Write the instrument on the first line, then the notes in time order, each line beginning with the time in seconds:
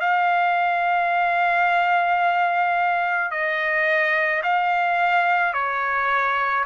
trumpet
0.00 F5
3.31 D#5
4.43 F5
5.54 C#5